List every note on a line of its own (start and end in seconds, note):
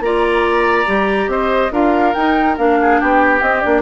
0.00 0.85 A#3
0.00 0.86 F4
0.00 1.31 D5
0.00 1.29 A#5
0.86 1.27 G3
0.86 1.71 G4
1.27 1.70 C4
1.27 1.72 C5
1.27 1.72 D#5
1.71 2.14 D4
1.71 2.14 F4
1.71 2.79 A#4
1.71 2.13 F5
2.13 2.58 D#4
2.13 2.57 D#4
2.13 2.56 G5
2.57 3.00 A#3
2.57 3.42 D4
2.57 3.00 F5
2.81 3.00 G#4
3.00 3.41 B3
3.00 3.82 G4
3.00 3.42 G5
3.41 3.63 C4
3.41 3.60 D#5
3.60 3.82 A#3
3.60 3.82 D4
3.60 3.82 D5